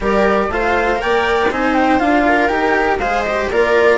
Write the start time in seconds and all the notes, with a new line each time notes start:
0.00 G3 G4 A#4 D5
0.48 A3 F4 C5 F5
0.95 A#4 G5
1.02 A#3 D5
1.50 C4 D#4 C5 G#5
1.74 G5
1.99 D4 F4 F5
2.27 A#4
2.48 D#4 G4 G5
2.98 G#3 G#4 C5 F5
3.22 G4 D#5
3.50 A#3 F4 A#4 D5